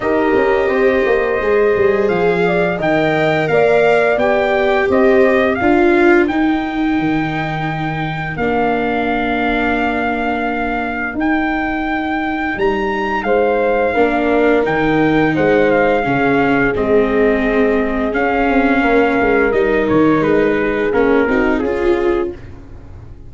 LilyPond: <<
  \new Staff \with { instrumentName = "trumpet" } { \time 4/4 \tempo 4 = 86 dis''2. f''4 | g''4 f''4 g''4 dis''4 | f''4 g''2. | f''1 |
g''2 ais''4 f''4~ | f''4 g''4 fis''8 f''4. | dis''2 f''2 | dis''8 cis''8 b'4 ais'4 gis'4 | }
  \new Staff \with { instrumentName = "horn" } { \time 4/4 ais'4 c''2~ c''8 d''8 | dis''4 d''2 c''4 | ais'1~ | ais'1~ |
ais'2. c''4 | ais'2 c''4 gis'4~ | gis'2. ais'4~ | ais'4. gis'4 fis'8 f'4 | }
  \new Staff \with { instrumentName = "viola" } { \time 4/4 g'2 gis'2 | ais'2 g'2 | f'4 dis'2. | d'1 |
dis'1 | d'4 dis'2 cis'4 | c'2 cis'2 | dis'2 cis'8 dis'8 f'4 | }
  \new Staff \with { instrumentName = "tuba" } { \time 4/4 dis'8 cis'8 c'8 ais8 gis8 g8 f4 | dis4 ais4 b4 c'4 | d'4 dis'4 dis2 | ais1 |
dis'2 g4 gis4 | ais4 dis4 gis4 cis4 | gis2 cis'8 c'8 ais8 gis8 | g8 dis8 gis4 ais8 c'8 cis'4 | }
>>